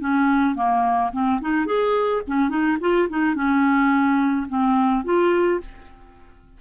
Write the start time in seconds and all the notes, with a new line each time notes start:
0.00 C#4
0.55 A#3
1.12 C4
1.41 D#4
1.66 G#4
2.27 C#4
2.49 D#4
2.80 F4
3.09 D#4
3.35 C#4
4.49 C4
5.04 F4